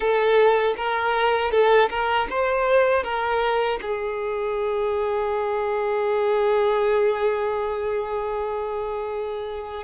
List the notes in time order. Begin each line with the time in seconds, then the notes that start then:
0.00 A4
0.76 A#4
1.51 A4
1.90 A#4
2.30 C5
3.03 A#4
3.81 G#4